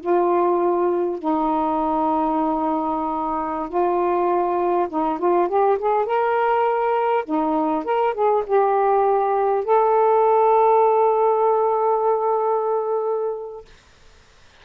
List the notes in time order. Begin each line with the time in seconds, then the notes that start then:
0.00 F4
1.19 D#4
3.69 F4
4.89 D#4
5.18 F4
5.48 G4
5.78 G#4
6.05 A#4
7.25 D#4
7.84 A#4
8.14 G#4
8.46 G4
9.64 A4